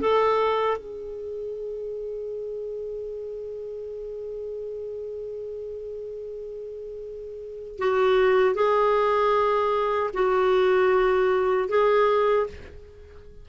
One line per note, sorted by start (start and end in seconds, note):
0.00 0.77 A4
0.77 7.78 G#4
7.78 8.54 F#4
8.54 10.10 G#4
10.13 11.68 F#4
11.68 12.46 G#4